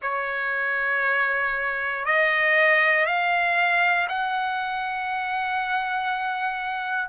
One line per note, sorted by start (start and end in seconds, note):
0.02 2.05 C#5
2.05 3.06 D#5
3.06 4.07 F5
4.08 7.08 F#5